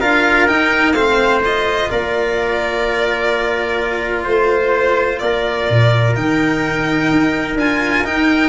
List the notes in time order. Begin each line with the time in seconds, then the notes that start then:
0.00 D4 F4 A#4 F5
0.47 D#4 G5
0.92 A3 C4 C5 F5
1.44 F4 D#5
1.90 A#3 A#4 D5
4.24 A3 C5
5.19 A#3 A#4 D5
5.70 A#2
6.15 D#3 D#4 G5
7.11 D#4
7.55 D4 F4 G#5
8.03 D#4 G5